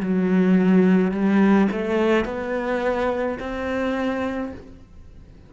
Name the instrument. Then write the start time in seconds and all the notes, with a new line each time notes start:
cello
0.00 F#3
1.11 G3
1.71 A3
2.25 B3
3.39 C4